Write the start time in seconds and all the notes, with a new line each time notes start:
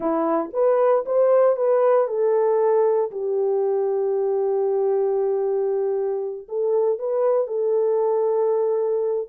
0.00 E4
0.53 B4
1.05 C5
1.56 B4
2.07 A4
3.11 G4
6.48 A4
6.98 B4
7.47 A4